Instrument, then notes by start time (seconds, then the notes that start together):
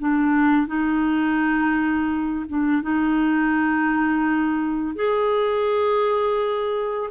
clarinet
0.00 D4
0.68 D#4
2.49 D4
2.83 D#4
4.96 G#4